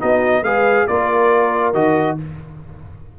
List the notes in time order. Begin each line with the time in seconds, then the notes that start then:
0.00 B3 D#4 F#4 D#5
0.42 G#3 G#4 B4 F5
0.87 A#3 F4 A#4 D5
1.74 D#3 F#4 D#5